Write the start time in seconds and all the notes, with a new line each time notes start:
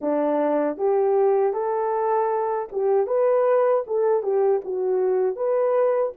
0.01 D4
0.77 G4
1.53 A4
2.72 G4
3.07 B4
3.86 A4
4.22 G4
4.64 F#4
5.35 B4